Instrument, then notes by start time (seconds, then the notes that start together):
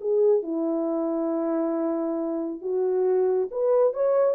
horn
0.00 G#4
0.42 E4
2.61 F#4
3.51 B4
3.93 C#5